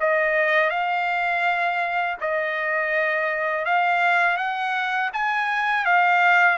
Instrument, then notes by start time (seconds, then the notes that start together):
trumpet
0.00 D#5
0.71 F5
2.21 D#5
3.66 F5
4.38 F#5
5.14 G#5
5.85 F5